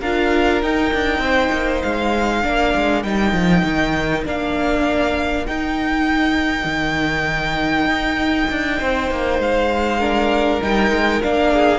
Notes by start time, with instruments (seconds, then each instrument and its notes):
0.00 cello D4, viola F4, violin A#4 F5
0.62 cello D#4, viola D#4, violin G5
0.93 cello D4
1.18 cello C4, violin C5
1.51 cello A#3
1.82 cello G#3, violin F5
2.43 cello A#3, viola D4, violin A#4
2.75 cello G#3
3.03 cello G3, viola D#4, violin G5
3.32 cello F3
3.63 cello D#3
4.25 cello A#3, viola D4, violin F5
5.46 cello D#4, viola D#4, violin G5
6.64 cello D#3
7.85 cello D#4
8.50 cello D4
8.80 cello C4, violin C5
9.10 cello A#3
9.39 cello G#3, violin F5
10.00 viola D4, violin A#4
10.61 cello G3, viola D#4, violin G5
10.90 cello G#3
11.22 cello A#3, viola D4, violin F5
11.52 violin G#4